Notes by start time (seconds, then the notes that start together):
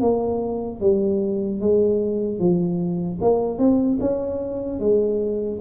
0.00 A#3
0.80 G3
1.60 G#3
2.39 F3
3.21 A#3
3.58 C4
4.00 C#4
4.79 G#3